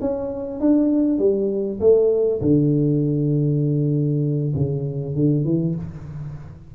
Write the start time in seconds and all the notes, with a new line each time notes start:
0.00 C#4
0.60 D4
1.18 G3
1.80 A3
2.41 D3
4.55 C#3
5.15 D3
5.44 E3